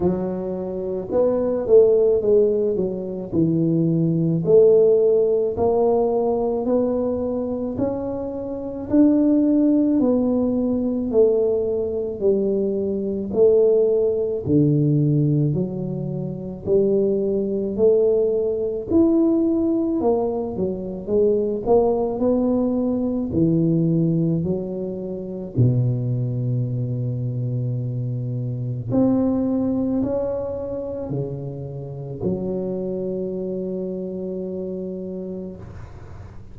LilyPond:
\new Staff \with { instrumentName = "tuba" } { \time 4/4 \tempo 4 = 54 fis4 b8 a8 gis8 fis8 e4 | a4 ais4 b4 cis'4 | d'4 b4 a4 g4 | a4 d4 fis4 g4 |
a4 e'4 ais8 fis8 gis8 ais8 | b4 e4 fis4 b,4~ | b,2 c'4 cis'4 | cis4 fis2. | }